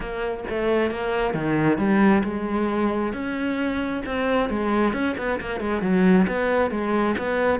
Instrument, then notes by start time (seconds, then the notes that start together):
cello
0.00 A#3
0.49 A3
0.90 A#3
1.34 D#3
1.78 G3
2.23 G#3
3.13 C#4
4.05 C4
4.49 G#3
4.93 C#4
5.17 B3
5.40 A#3
5.60 G#3
5.81 F#3
6.27 B3
6.70 G#3
7.18 B3